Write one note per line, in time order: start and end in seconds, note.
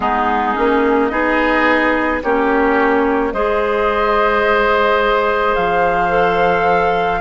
0.00 0.55 G#3
0.00 0.54 B3
0.00 1.11 D#4
0.00 1.08 G#4
0.54 1.11 A#3
0.54 1.10 C#4
1.08 2.22 B3
1.08 2.21 D#4
1.08 2.22 G#4
1.08 2.19 D#5
2.22 3.33 A#3
2.22 3.34 C#4
2.22 3.33 G4
2.22 3.33 C#5
3.33 5.55 G#3
3.33 6.09 G#4
3.33 7.20 C5
3.33 5.55 D#5
5.55 7.20 F3
5.55 7.20 F5
6.09 7.20 A4